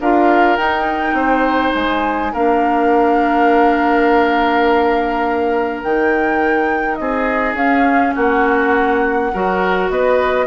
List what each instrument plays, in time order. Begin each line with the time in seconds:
0.00 bassoon D4, clarinet F4, oboe A#4, flute F5
0.56 bassoon D#4, clarinet D#4, flute G5
1.13 bassoon C4, oboe C5
1.75 bassoon G#3, flute G#5
2.33 bassoon A#3, clarinet D4, oboe A#4, flute F5
5.83 bassoon D#3, clarinet D#4, flute G5
6.95 bassoon C4, oboe G#4, flute D#5
7.54 bassoon C#4, clarinet C#4, flute F5
8.15 bassoon A#3, oboe F#4, flute F#5
9.33 bassoon F#3, clarinet F#4, oboe A#4
9.89 bassoon B3, oboe B4, flute D#5